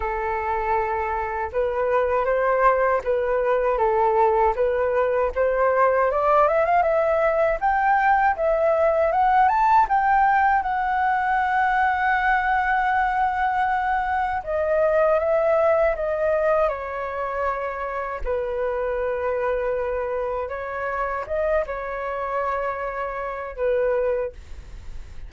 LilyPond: \new Staff \with { instrumentName = "flute" } { \time 4/4 \tempo 4 = 79 a'2 b'4 c''4 | b'4 a'4 b'4 c''4 | d''8 e''16 f''16 e''4 g''4 e''4 | fis''8 a''8 g''4 fis''2~ |
fis''2. dis''4 | e''4 dis''4 cis''2 | b'2. cis''4 | dis''8 cis''2~ cis''8 b'4 | }